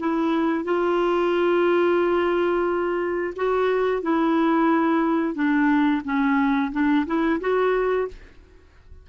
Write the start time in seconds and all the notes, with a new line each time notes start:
0.00 E4
0.65 F4
3.36 F#4
4.03 E4
5.35 D4
6.05 C#4
6.73 D4
7.07 E4
7.41 F#4